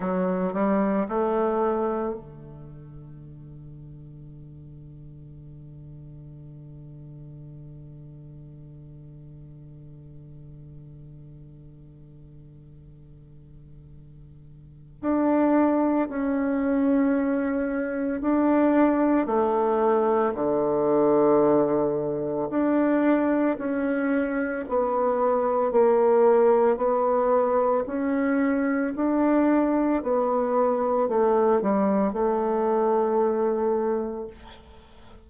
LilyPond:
\new Staff \with { instrumentName = "bassoon" } { \time 4/4 \tempo 4 = 56 fis8 g8 a4 d2~ | d1~ | d1~ | d2 d'4 cis'4~ |
cis'4 d'4 a4 d4~ | d4 d'4 cis'4 b4 | ais4 b4 cis'4 d'4 | b4 a8 g8 a2 | }